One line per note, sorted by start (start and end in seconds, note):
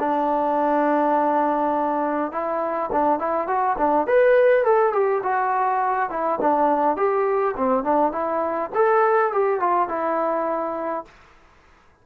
0.00 2.32 D4
2.32 2.91 E4
2.93 3.19 D4
3.19 3.48 E4
3.48 3.77 F#4
3.78 4.08 D4
4.08 4.65 B4
4.65 4.93 A4
4.93 5.22 G4
5.24 6.10 F#4
6.10 6.39 E4
6.42 6.97 D4
6.97 7.55 G4
7.57 7.85 C4
7.85 8.12 D4
8.12 8.71 E4
8.75 9.33 A4
9.33 9.60 G4
9.60 9.89 F4
9.89 11.05 E4